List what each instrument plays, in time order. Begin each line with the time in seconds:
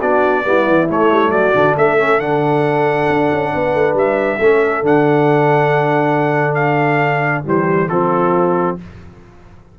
0.00 tuba B3, trombone D4, horn F#4, trumpet D5
0.44 tuba G3, trombone B3, horn E4
0.67 tuba E3
0.89 trombone A3, tuba A3, trumpet C#5
1.11 tuba G3
1.29 tuba F#3, horn F#4, trumpet D5
1.54 tuba D3, trombone D4
1.77 tuba A3, horn A4, trumpet E5
1.98 trombone C#4
2.19 tuba D3, trombone D4, trumpet F#5
3.09 tuba D4
3.32 tuba C#4
3.54 tuba B3, horn B4
3.74 tuba A3
3.94 tuba G3, trumpet E5
4.39 tuba A3, trombone C#4, horn A4
4.82 tuba D3, trombone D4, trumpet F#5
6.54 trumpet F5
7.45 tuba E3, trombone G3, horn G4, trumpet C5
7.89 tuba F3, trombone C4, horn F4, trumpet A4